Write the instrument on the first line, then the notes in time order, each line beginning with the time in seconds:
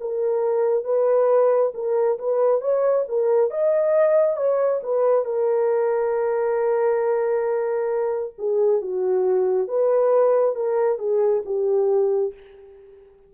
horn
0.00 A#4
0.84 B4
1.74 A#4
2.19 B4
2.61 C#5
3.08 A#4
3.51 D#5
4.37 C#5
4.83 B4
5.25 A#4
8.38 G#4
8.81 F#4
9.68 B4
10.55 A#4
10.99 G#4
11.45 G4